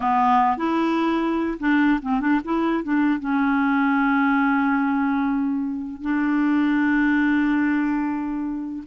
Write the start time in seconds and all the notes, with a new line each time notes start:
0.00 B3
0.57 E4
1.59 D4
2.02 C4
2.20 D4
2.44 E4
2.83 D4
3.19 C#4
6.01 D4